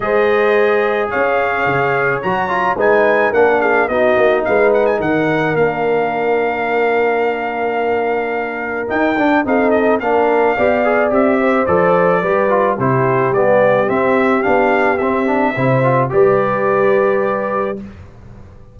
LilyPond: <<
  \new Staff \with { instrumentName = "trumpet" } { \time 4/4 \tempo 4 = 108 dis''2 f''2 | ais''4 gis''4 fis''8 f''8 dis''4 | f''8 fis''16 gis''16 fis''4 f''2~ | f''1 |
g''4 f''8 dis''8 f''2 | e''4 d''2 c''4 | d''4 e''4 f''4 e''4~ | e''4 d''2. | }
  \new Staff \with { instrumentName = "horn" } { \time 4/4 c''2 cis''2~ | cis''4 b'4 ais'8 gis'8 fis'4 | b'4 ais'2.~ | ais'1~ |
ais'4 a'4 ais'4 d''4~ | d''8 c''4. b'4 g'4~ | g'1 | c''4 b'2. | }
  \new Staff \with { instrumentName = "trombone" } { \time 4/4 gis'1 | fis'8 f'8 dis'4 d'4 dis'4~ | dis'2 d'2~ | d'1 |
dis'8 d'8 dis'4 d'4 g'8 gis'8 | g'4 a'4 g'8 f'8 e'4 | b4 c'4 d'4 c'8 d'8 | e'8 f'8 g'2. | }
  \new Staff \with { instrumentName = "tuba" } { \time 4/4 gis2 cis'4 cis4 | fis4 gis4 ais4 b8 ais8 | gis4 dis4 ais2~ | ais1 |
dis'8 d'8 c'4 ais4 b4 | c'4 f4 g4 c4 | g4 c'4 b4 c'4 | c4 g2. | }
>>